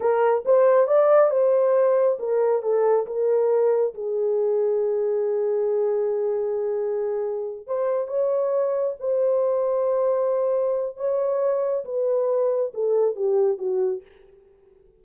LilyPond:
\new Staff \with { instrumentName = "horn" } { \time 4/4 \tempo 4 = 137 ais'4 c''4 d''4 c''4~ | c''4 ais'4 a'4 ais'4~ | ais'4 gis'2.~ | gis'1~ |
gis'4. c''4 cis''4.~ | cis''8 c''2.~ c''8~ | c''4 cis''2 b'4~ | b'4 a'4 g'4 fis'4 | }